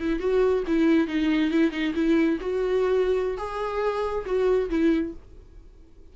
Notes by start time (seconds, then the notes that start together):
0.00 E4
0.20 F#4
0.67 E4
1.08 D#4
1.51 E4
1.72 D#4
1.95 E4
2.41 F#4
3.38 G#4
4.26 F#4
4.70 E4